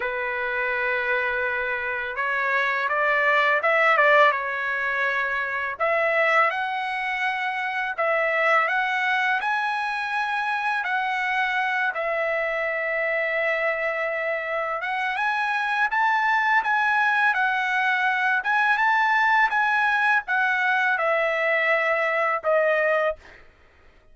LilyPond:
\new Staff \with { instrumentName = "trumpet" } { \time 4/4 \tempo 4 = 83 b'2. cis''4 | d''4 e''8 d''8 cis''2 | e''4 fis''2 e''4 | fis''4 gis''2 fis''4~ |
fis''8 e''2.~ e''8~ | e''8 fis''8 gis''4 a''4 gis''4 | fis''4. gis''8 a''4 gis''4 | fis''4 e''2 dis''4 | }